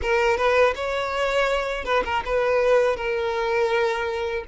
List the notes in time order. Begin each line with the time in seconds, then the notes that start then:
0.02 A#4
0.37 B4
0.75 C#5
1.85 B4
2.04 A#4
2.25 B4
2.96 A#4